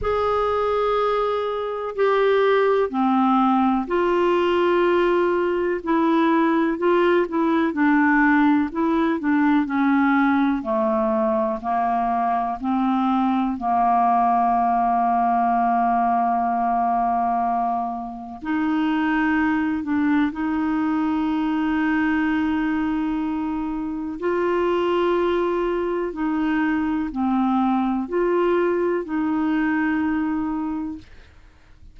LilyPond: \new Staff \with { instrumentName = "clarinet" } { \time 4/4 \tempo 4 = 62 gis'2 g'4 c'4 | f'2 e'4 f'8 e'8 | d'4 e'8 d'8 cis'4 a4 | ais4 c'4 ais2~ |
ais2. dis'4~ | dis'8 d'8 dis'2.~ | dis'4 f'2 dis'4 | c'4 f'4 dis'2 | }